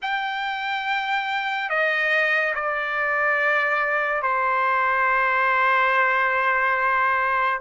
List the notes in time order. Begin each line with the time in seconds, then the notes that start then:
0.02 G5
1.69 D#5
2.54 D5
4.22 C5